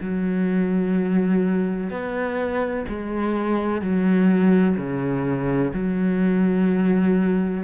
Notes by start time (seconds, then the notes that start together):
0.00 F#3
1.90 B3
2.88 G#3
3.81 F#3
4.76 C#3
5.73 F#3